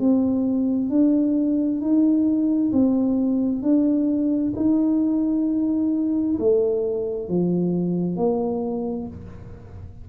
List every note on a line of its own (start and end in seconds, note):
0.00 0.90 C4
0.90 1.81 D4
1.81 2.72 D#4
2.73 3.62 C4
3.62 4.53 D4
4.57 6.38 D#4
6.40 7.29 A3
7.29 8.17 F3
8.17 9.07 A#3